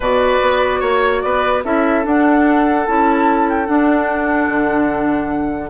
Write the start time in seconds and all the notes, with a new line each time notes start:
0.00 B2 F#4 B4 D5
0.41 B3
0.80 A#3 C#5
1.21 B3 B4 D5
1.64 C#4 E4 A4 E5
2.03 D4 F#5
2.86 C#4 E4 A5
3.49 G5
3.66 D4 F#5
4.48 D3